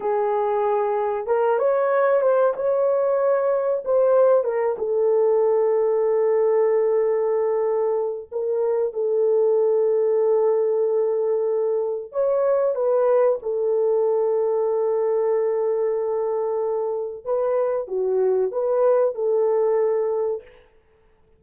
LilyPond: \new Staff \with { instrumentName = "horn" } { \time 4/4 \tempo 4 = 94 gis'2 ais'8 cis''4 c''8 | cis''2 c''4 ais'8 a'8~ | a'1~ | a'4 ais'4 a'2~ |
a'2. cis''4 | b'4 a'2.~ | a'2. b'4 | fis'4 b'4 a'2 | }